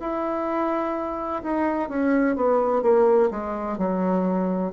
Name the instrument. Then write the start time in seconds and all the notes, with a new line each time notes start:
bassoon
0.00 E4
1.43 D#4
1.89 C#4
2.36 B3
2.82 A#3
3.31 G#3
3.78 F#3